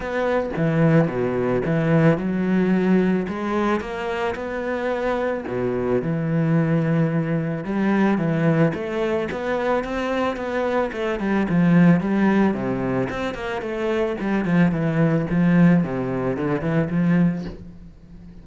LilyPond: \new Staff \with { instrumentName = "cello" } { \time 4/4 \tempo 4 = 110 b4 e4 b,4 e4 | fis2 gis4 ais4 | b2 b,4 e4~ | e2 g4 e4 |
a4 b4 c'4 b4 | a8 g8 f4 g4 c4 | c'8 ais8 a4 g8 f8 e4 | f4 c4 d8 e8 f4 | }